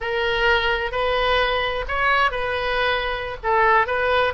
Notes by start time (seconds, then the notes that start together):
0.00 A#4
0.91 B4
1.87 C#5
2.31 B4
3.43 A4
3.86 B4